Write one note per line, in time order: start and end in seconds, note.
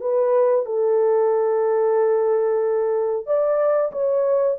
0.00 0.65 B4
0.66 3.26 A4
3.26 3.91 D5
3.92 4.57 C#5